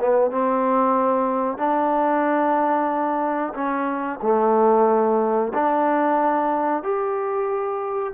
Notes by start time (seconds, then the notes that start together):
0.00 B3
0.31 C4
1.57 D4
3.54 C#4
4.22 A3
5.53 D4
6.83 G4